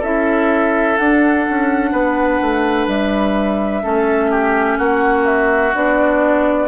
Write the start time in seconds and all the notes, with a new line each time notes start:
0.00 C#4 E4 A4 E5
0.97 D4 F#5
1.50 C#4
1.92 B3 B4
2.41 A3
2.88 G3 E5
3.83 A3 C#4 A4
4.31 G4
4.79 A#3 F#4 F#5
5.26 E5
5.74 B3 D4 D5